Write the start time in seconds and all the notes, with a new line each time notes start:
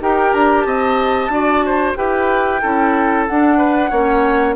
0.00 D#4 G4 A#4 G5
0.33 D4 A#5
0.61 C4 D#5 A5
1.28 D4 F#4 D5
1.65 C5
1.95 E4 G4 B4 G5
2.61 C#4 E4 A4
3.27 D4 F#5
3.57 B4
3.90 A#3 C#4 C#5